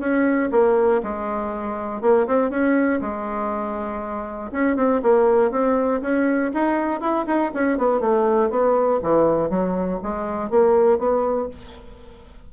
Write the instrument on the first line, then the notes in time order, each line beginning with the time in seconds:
bassoon
0.00 C#4
0.51 A#3
1.03 G#3
2.01 A#3
2.27 C4
2.50 C#4
3.01 G#3
4.52 C#4
4.76 C4
5.02 A#3
5.51 C4
6.01 C#4
6.54 D#4
7.00 E4
7.26 D#4
7.54 C#4
7.78 B3
8.00 A3
8.50 B3
9.03 E3
9.50 F#3
10.03 G#3
10.50 A#3
10.99 B3